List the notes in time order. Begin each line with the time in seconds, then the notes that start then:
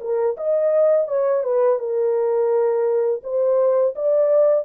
0.00 A#4
0.37 D#5
1.07 C#5
1.43 B4
1.79 A#4
3.23 C5
3.95 D5